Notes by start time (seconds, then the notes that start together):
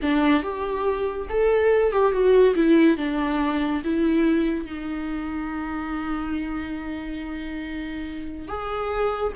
0.01 D4
0.43 G4
1.29 A4
1.92 G4
2.11 F#4
2.55 E4
2.97 D4
3.84 E4
4.65 D#4
8.47 G#4